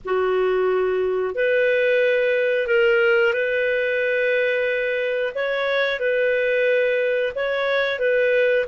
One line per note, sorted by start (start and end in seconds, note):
0.04 1.35 F#4
1.35 2.67 B4
2.67 3.33 A#4
3.33 5.33 B4
5.35 5.99 C#5
5.99 7.33 B4
7.35 7.98 C#5
7.98 8.65 B4